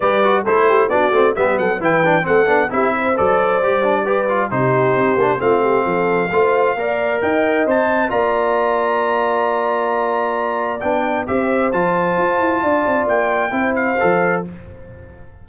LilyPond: <<
  \new Staff \with { instrumentName = "trumpet" } { \time 4/4 \tempo 4 = 133 d''4 c''4 d''4 e''8 fis''8 | g''4 fis''4 e''4 d''4~ | d''2 c''2 | f''1 |
g''4 a''4 ais''2~ | ais''1 | g''4 e''4 a''2~ | a''4 g''4. f''4. | }
  \new Staff \with { instrumentName = "horn" } { \time 4/4 b'4 a'8 g'8 fis'4 g'8 a'8 | b'4 a'4 g'8 c''4.~ | c''4 b'4 g'2 | f'8 g'8 a'4 c''4 d''4 |
dis''2 d''2~ | d''1~ | d''4 c''2. | d''2 c''2 | }
  \new Staff \with { instrumentName = "trombone" } { \time 4/4 g'8 fis'8 e'4 d'8 c'8 b4 | e'8 d'8 c'8 d'8 e'4 a'4 | g'8 d'8 g'8 f'8 dis'4. d'8 | c'2 f'4 ais'4~ |
ais'4 c''4 f'2~ | f'1 | d'4 g'4 f'2~ | f'2 e'4 a'4 | }
  \new Staff \with { instrumentName = "tuba" } { \time 4/4 g4 a4 b8 a8 g8 fis8 | e4 a8 b8 c'4 fis4 | g2 c4 c'8 ais8 | a4 f4 a4 ais4 |
dis'4 c'4 ais2~ | ais1 | b4 c'4 f4 f'8 e'8 | d'8 c'8 ais4 c'4 f4 | }
>>